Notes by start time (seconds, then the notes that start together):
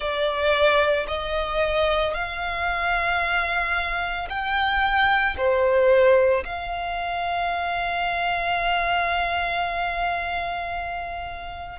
0.00 D5
1.07 D#5
2.14 F5
4.29 G5
5.37 C5
6.44 F5